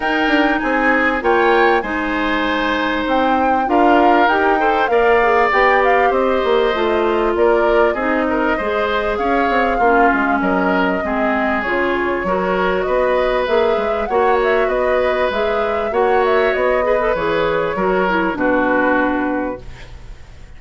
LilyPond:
<<
  \new Staff \with { instrumentName = "flute" } { \time 4/4 \tempo 4 = 98 g''4 gis''4 g''4 gis''4~ | gis''4 g''4 f''4 g''4 | f''4 g''8 f''8 dis''2 | d''4 dis''2 f''4~ |
f''4 dis''2 cis''4~ | cis''4 dis''4 e''4 fis''8 e''8 | dis''4 e''4 fis''8 e''8 dis''4 | cis''2 b'2 | }
  \new Staff \with { instrumentName = "oboe" } { \time 4/4 ais'4 gis'4 cis''4 c''4~ | c''2 ais'4. c''8 | d''2 c''2 | ais'4 gis'8 ais'8 c''4 cis''4 |
f'4 ais'4 gis'2 | ais'4 b'2 cis''4 | b'2 cis''4. b'8~ | b'4 ais'4 fis'2 | }
  \new Staff \with { instrumentName = "clarinet" } { \time 4/4 dis'2 f'4 dis'4~ | dis'2 f'4 g'8 a'8 | ais'8 gis'8 g'2 f'4~ | f'4 dis'4 gis'2 |
cis'2 c'4 f'4 | fis'2 gis'4 fis'4~ | fis'4 gis'4 fis'4. gis'16 a'16 | gis'4 fis'8 e'8 d'2 | }
  \new Staff \with { instrumentName = "bassoon" } { \time 4/4 dis'8 d'8 c'4 ais4 gis4~ | gis4 c'4 d'4 dis'4 | ais4 b4 c'8 ais8 a4 | ais4 c'4 gis4 cis'8 c'8 |
ais8 gis8 fis4 gis4 cis4 | fis4 b4 ais8 gis8 ais4 | b4 gis4 ais4 b4 | e4 fis4 b,2 | }
>>